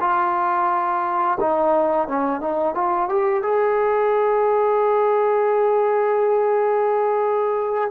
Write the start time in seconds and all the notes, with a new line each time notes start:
0.00 F4
1.40 D#4
2.08 C#4
2.40 D#4
2.74 F4
3.09 G4
3.42 G#4